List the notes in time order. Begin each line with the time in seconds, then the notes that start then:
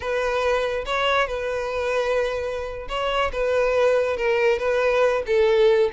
0.00 B4
0.85 C#5
1.27 B4
2.88 C#5
3.32 B4
4.16 A#4
4.58 B4
5.26 A4